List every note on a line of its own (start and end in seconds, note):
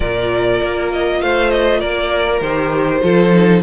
0.00 0.60 A#2
0.00 2.42 F4
0.00 1.19 A#4
0.00 0.90 D5
0.62 1.21 A#3
0.92 1.21 D#5
1.21 1.82 A3
1.21 1.79 C5
1.21 1.50 F5
1.50 1.80 D#5
1.79 2.40 A#3
1.79 3.01 A#4
1.79 2.40 D5
2.40 3.01 D#3
2.40 3.01 G4
2.40 3.62 C5
3.01 3.62 F3
3.01 3.31 F4
3.01 3.62 A4
3.33 3.62 D#4